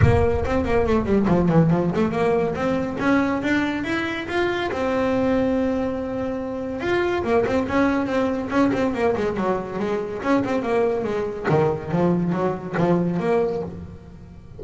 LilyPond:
\new Staff \with { instrumentName = "double bass" } { \time 4/4 \tempo 4 = 141 ais4 c'8 ais8 a8 g8 f8 e8 | f8 a8 ais4 c'4 cis'4 | d'4 e'4 f'4 c'4~ | c'1 |
f'4 ais8 c'8 cis'4 c'4 | cis'8 c'8 ais8 gis8 fis4 gis4 | cis'8 c'8 ais4 gis4 dis4 | f4 fis4 f4 ais4 | }